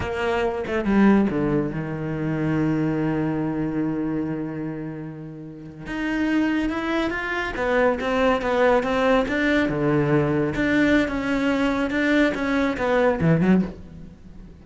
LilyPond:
\new Staff \with { instrumentName = "cello" } { \time 4/4 \tempo 4 = 141 ais4. a8 g4 d4 | dis1~ | dis1~ | dis4.~ dis16 dis'2 e'16~ |
e'8. f'4 b4 c'4 b16~ | b8. c'4 d'4 d4~ d16~ | d8. d'4~ d'16 cis'2 | d'4 cis'4 b4 e8 fis8 | }